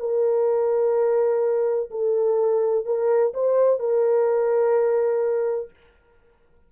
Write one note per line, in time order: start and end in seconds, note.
0.00 1.90 A#4
1.91 2.86 A4
2.86 3.33 A#4
3.34 3.80 C5
3.80 5.71 A#4